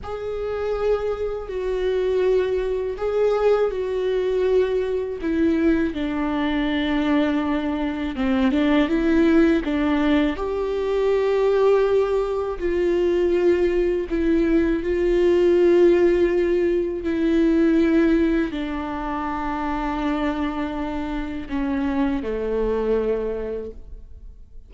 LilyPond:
\new Staff \with { instrumentName = "viola" } { \time 4/4 \tempo 4 = 81 gis'2 fis'2 | gis'4 fis'2 e'4 | d'2. c'8 d'8 | e'4 d'4 g'2~ |
g'4 f'2 e'4 | f'2. e'4~ | e'4 d'2.~ | d'4 cis'4 a2 | }